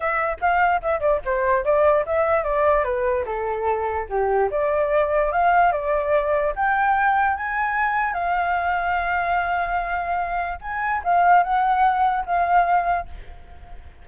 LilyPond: \new Staff \with { instrumentName = "flute" } { \time 4/4 \tempo 4 = 147 e''4 f''4 e''8 d''8 c''4 | d''4 e''4 d''4 b'4 | a'2 g'4 d''4~ | d''4 f''4 d''2 |
g''2 gis''2 | f''1~ | f''2 gis''4 f''4 | fis''2 f''2 | }